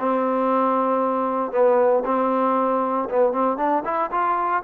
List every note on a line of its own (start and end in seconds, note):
0.00 1.52 C4
1.52 2.04 B3
2.06 3.09 C4
3.10 3.33 B3
3.33 3.58 C4
3.58 3.83 D4
3.85 4.11 E4
4.12 4.63 F4